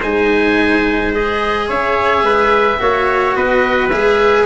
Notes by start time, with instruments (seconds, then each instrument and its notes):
0.00 tuba G#3, cello D#4, trumpet C5, oboe G#5
1.13 cello G#4, oboe D#5
1.68 tuba C#4, trumpet C#5, oboe E5
2.23 tuba G#3, trumpet B4
2.79 tuba A#3, cello F#4, trumpet C#5
3.36 tuba B3, trumpet B4, oboe D#5
3.89 tuba G#3, cello G#4, oboe E5